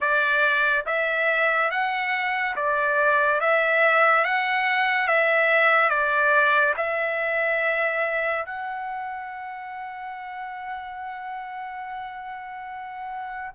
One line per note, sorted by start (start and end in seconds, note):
0.00 0.85 D5
0.86 1.70 E5
1.71 2.55 F#5
2.55 3.40 D5
3.40 4.24 E5
4.24 5.07 F#5
5.07 5.89 E5
5.89 6.74 D5
6.76 8.45 E5
8.45 13.52 F#5